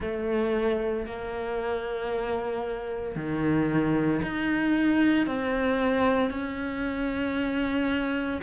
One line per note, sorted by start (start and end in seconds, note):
0.00 1.06 A3
1.06 3.15 A#3
3.15 4.21 D#3
4.22 5.26 D#4
5.26 6.30 C4
6.30 8.41 C#4